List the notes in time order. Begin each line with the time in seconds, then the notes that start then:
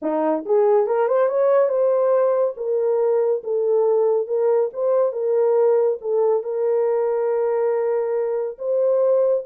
0.01 D#4
0.45 G#4
0.86 A#4
1.07 C5
1.28 C#5
1.68 C5
2.56 A#4
3.43 A4
4.27 A#4
4.73 C5
5.12 A#4
6.01 A4
6.43 A#4
8.58 C5